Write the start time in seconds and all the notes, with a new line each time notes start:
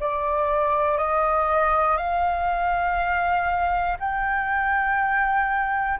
0.00 D5
0.98 D#5
1.97 F5
3.99 G5